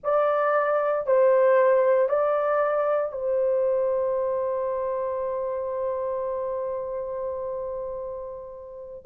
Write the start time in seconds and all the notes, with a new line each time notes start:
0.03 D5
1.06 C5
2.08 D5
3.11 C5